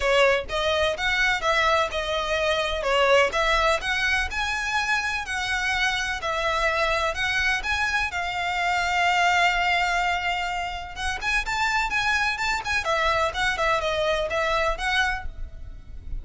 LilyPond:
\new Staff \with { instrumentName = "violin" } { \time 4/4 \tempo 4 = 126 cis''4 dis''4 fis''4 e''4 | dis''2 cis''4 e''4 | fis''4 gis''2 fis''4~ | fis''4 e''2 fis''4 |
gis''4 f''2.~ | f''2. fis''8 gis''8 | a''4 gis''4 a''8 gis''8 e''4 | fis''8 e''8 dis''4 e''4 fis''4 | }